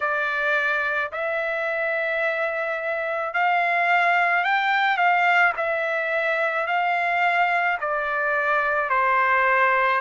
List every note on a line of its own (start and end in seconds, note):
0.00 1.11 D5
1.12 3.33 E5
3.33 4.43 F5
4.43 4.97 G5
4.97 5.53 F5
5.56 6.67 E5
6.67 7.78 F5
7.80 8.89 D5
8.89 10.01 C5